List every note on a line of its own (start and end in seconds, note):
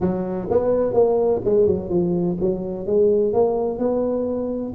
0.00 0.48 F#3
0.50 0.93 B3
0.93 1.41 A#3
1.44 1.66 G#3
1.66 1.89 F#3
1.89 2.37 F3
2.40 2.86 F#3
2.86 3.33 G#3
3.33 3.78 A#3
3.78 4.73 B3